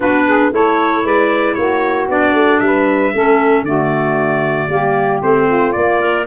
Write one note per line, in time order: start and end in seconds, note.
0.00 0.52 B3
0.00 0.51 D4
0.00 0.25 F#4
0.00 0.53 B4
0.27 0.53 G#4
0.52 1.03 A3
0.52 2.08 E4
0.52 1.03 A4
0.52 1.06 C#5
1.03 1.56 G#3
1.03 1.56 B4
1.03 1.54 D5
1.54 2.08 A#3
1.54 2.62 F#4
1.54 2.06 C#5
2.08 2.33 B3
2.08 3.14 D4
2.08 2.60 D5
2.33 2.59 A3
2.60 3.12 G3
2.60 3.14 B4
2.60 3.64 E5
3.14 3.62 A3
3.14 3.66 C#4
3.14 3.65 A4
3.62 4.67 D3
3.62 4.69 A3
3.62 4.69 F#4
3.62 5.21 D5
4.68 5.21 G3
4.68 5.21 A#3
4.68 5.46 G4
5.21 5.75 A3
5.21 5.73 C4
5.21 5.72 C5
5.46 6.24 F4
5.72 6.26 A#3
5.72 6.01 A#3
5.72 6.24 D5
6.01 6.26 A#4